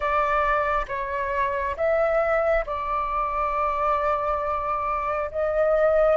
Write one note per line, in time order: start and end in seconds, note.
0.00 0.85 D5
0.87 1.76 C#5
1.76 2.65 E5
2.66 5.30 D5
5.31 6.16 D#5